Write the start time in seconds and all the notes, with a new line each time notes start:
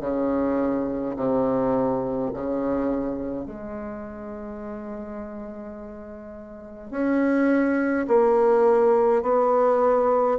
0.00 C#3
1.16 C3
2.33 C#3
3.46 G#3
6.91 C#4
8.07 A#3
9.23 B3